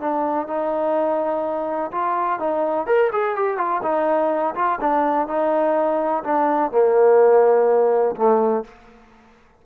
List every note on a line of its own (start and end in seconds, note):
0.00 0.47 D4
0.47 1.91 D#4
1.91 2.39 F4
2.39 2.86 D#4
2.86 3.10 A#4
3.12 3.35 G#4
3.35 3.57 G4
3.57 3.81 F4
3.82 4.54 D#4
4.55 4.79 F4
4.80 5.27 D4
5.27 6.23 D#4
6.24 6.71 D4
6.71 8.15 A#3
8.16 8.64 A3